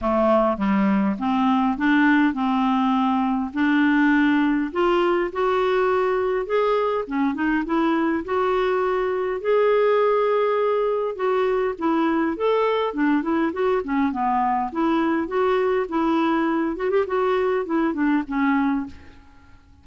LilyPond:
\new Staff \with { instrumentName = "clarinet" } { \time 4/4 \tempo 4 = 102 a4 g4 c'4 d'4 | c'2 d'2 | f'4 fis'2 gis'4 | cis'8 dis'8 e'4 fis'2 |
gis'2. fis'4 | e'4 a'4 d'8 e'8 fis'8 cis'8 | b4 e'4 fis'4 e'4~ | e'8 fis'16 g'16 fis'4 e'8 d'8 cis'4 | }